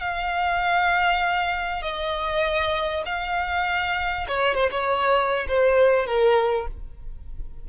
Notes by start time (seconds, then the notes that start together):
0.00 F5
1.82 D#5
3.05 F5
4.28 C#5
4.54 C5
4.71 C#5
5.48 C5
6.06 A#4